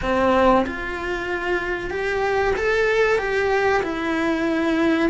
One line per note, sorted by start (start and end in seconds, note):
0.01 0.65 C4
0.66 1.90 F4
1.90 2.54 G4
2.55 3.18 A4
3.18 3.82 G4
3.82 5.09 E4